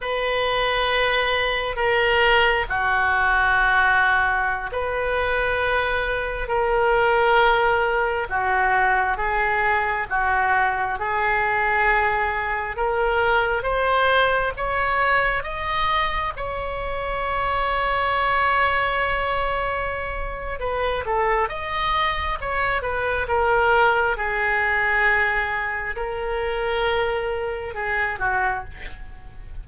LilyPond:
\new Staff \with { instrumentName = "oboe" } { \time 4/4 \tempo 4 = 67 b'2 ais'4 fis'4~ | fis'4~ fis'16 b'2 ais'8.~ | ais'4~ ais'16 fis'4 gis'4 fis'8.~ | fis'16 gis'2 ais'4 c''8.~ |
c''16 cis''4 dis''4 cis''4.~ cis''16~ | cis''2. b'8 a'8 | dis''4 cis''8 b'8 ais'4 gis'4~ | gis'4 ais'2 gis'8 fis'8 | }